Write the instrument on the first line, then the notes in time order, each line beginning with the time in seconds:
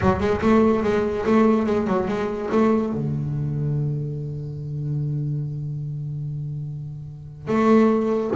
double bass
0.01 F#3
0.20 G#3
0.41 A3
0.83 G#3
1.26 A3
1.66 G#3
1.87 F#3
2.08 G#3
2.51 A3
2.93 D3
7.47 A3